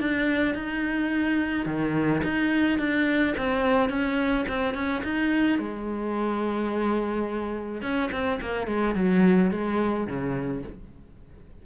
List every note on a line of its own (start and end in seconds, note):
0.00 0.55 D4
0.55 1.66 D#4
1.66 2.22 D#3
2.24 2.79 D#4
2.79 3.35 D4
3.37 3.89 C4
3.89 4.46 C#4
4.48 4.74 C4
4.74 5.02 C#4
5.04 5.59 D#4
5.59 7.82 G#3
7.82 8.10 C#4
8.12 8.40 C4
8.41 8.67 A#3
8.67 8.95 G#3
8.95 9.51 F#3
9.51 10.07 G#3
10.07 10.63 C#3